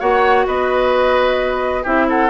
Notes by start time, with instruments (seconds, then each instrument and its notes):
0.00 bassoon A#3, clarinet F#4, oboe C#5, flute F#5
0.47 bassoon B3, oboe B4, flute D#5
1.83 bassoon C4, clarinet E4, oboe G4, flute E5
2.09 oboe A4, flute F#5